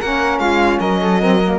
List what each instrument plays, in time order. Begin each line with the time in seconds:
0.00 cello A#3, saxophone C#4, flute A#4, violin F#5
0.38 cello G#3, flute F4, violin F5
0.79 cello F#3, flute A#4, violin D#5
1.01 flute A4
1.20 saxophone C4, flute A#4
1.44 saxophone A#3